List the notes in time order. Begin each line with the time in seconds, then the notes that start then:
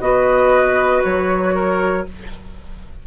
0.00 B3 F#4 B4 D#5
1.04 F#3 C#5
1.54 A#4